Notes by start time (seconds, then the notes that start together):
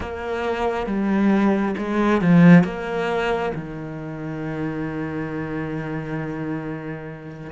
0.00 A#3
0.86 G3
1.77 G#3
2.21 F3
2.64 A#3
3.54 D#3